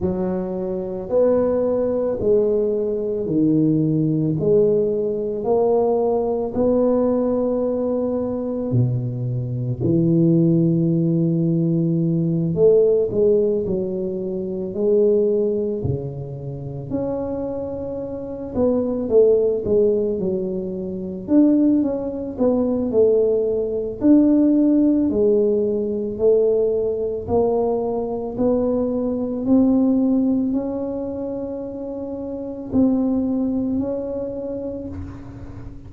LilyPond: \new Staff \with { instrumentName = "tuba" } { \time 4/4 \tempo 4 = 55 fis4 b4 gis4 dis4 | gis4 ais4 b2 | b,4 e2~ e8 a8 | gis8 fis4 gis4 cis4 cis'8~ |
cis'4 b8 a8 gis8 fis4 d'8 | cis'8 b8 a4 d'4 gis4 | a4 ais4 b4 c'4 | cis'2 c'4 cis'4 | }